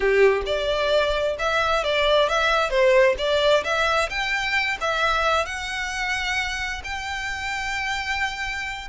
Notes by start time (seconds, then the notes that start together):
0.00 G4
0.46 D5
1.38 E5
1.83 D5
2.29 E5
2.70 C5
3.18 D5
3.63 E5
4.09 G5
4.81 E5
5.45 F#5
6.83 G5